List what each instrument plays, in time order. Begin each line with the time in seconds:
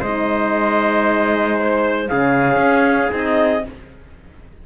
0.00 cello G#3, horn D#4, trumpet C5, clarinet D#5
1.59 clarinet C5
2.08 cello C#3, horn C#4, trumpet G#4, clarinet F5
2.56 cello C#4
3.10 cello C4, horn D#4, clarinet D#5